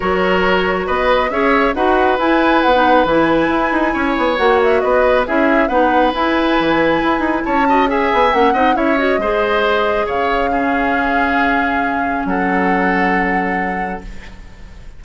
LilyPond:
<<
  \new Staff \with { instrumentName = "flute" } { \time 4/4 \tempo 4 = 137 cis''2 dis''4 e''4 | fis''4 gis''4 fis''4 gis''4~ | gis''2 fis''8 e''8 dis''4 | e''4 fis''4 gis''2~ |
gis''4 a''4 gis''4 fis''4 | e''8 dis''2~ dis''8 f''4~ | f''1 | fis''1 | }
  \new Staff \with { instrumentName = "oboe" } { \time 4/4 ais'2 b'4 cis''4 | b'1~ | b'4 cis''2 b'4 | gis'4 b'2.~ |
b'4 cis''8 dis''8 e''4. dis''8 | cis''4 c''2 cis''4 | gis'1 | a'1 | }
  \new Staff \with { instrumentName = "clarinet" } { \time 4/4 fis'2. gis'4 | fis'4 e'4~ e'16 dis'8. e'4~ | e'2 fis'2 | e'4 dis'4 e'2~ |
e'4. fis'8 gis'4 cis'8 dis'8 | e'8 fis'8 gis'2. | cis'1~ | cis'1 | }
  \new Staff \with { instrumentName = "bassoon" } { \time 4/4 fis2 b4 cis'4 | dis'4 e'4 b4 e4 | e'8 dis'8 cis'8 b8 ais4 b4 | cis'4 b4 e'4 e4 |
e'8 dis'8 cis'4. b8 ais8 c'8 | cis'4 gis2 cis4~ | cis1 | fis1 | }
>>